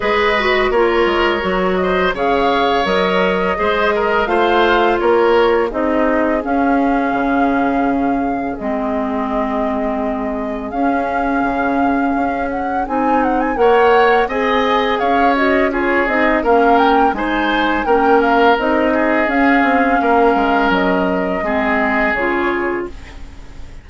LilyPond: <<
  \new Staff \with { instrumentName = "flute" } { \time 4/4 \tempo 4 = 84 dis''4 cis''4. dis''8 f''4 | dis''2 f''4 cis''4 | dis''4 f''2. | dis''2. f''4~ |
f''4. fis''8 gis''8 fis''16 gis''16 fis''4 | gis''4 f''8 dis''8 cis''8 dis''8 f''8 g''8 | gis''4 g''8 f''8 dis''4 f''4~ | f''4 dis''2 cis''4 | }
  \new Staff \with { instrumentName = "oboe" } { \time 4/4 b'4 ais'4. c''8 cis''4~ | cis''4 c''8 ais'8 c''4 ais'4 | gis'1~ | gis'1~ |
gis'2. cis''4 | dis''4 cis''4 gis'4 ais'4 | c''4 ais'4. gis'4. | ais'2 gis'2 | }
  \new Staff \with { instrumentName = "clarinet" } { \time 4/4 gis'8 fis'8 f'4 fis'4 gis'4 | ais'4 gis'4 f'2 | dis'4 cis'2. | c'2. cis'4~ |
cis'2 dis'4 ais'4 | gis'4. fis'8 f'8 dis'8 cis'4 | dis'4 cis'4 dis'4 cis'4~ | cis'2 c'4 f'4 | }
  \new Staff \with { instrumentName = "bassoon" } { \time 4/4 gis4 ais8 gis8 fis4 cis4 | fis4 gis4 a4 ais4 | c'4 cis'4 cis2 | gis2. cis'4 |
cis4 cis'4 c'4 ais4 | c'4 cis'4. c'8 ais4 | gis4 ais4 c'4 cis'8 c'8 | ais8 gis8 fis4 gis4 cis4 | }
>>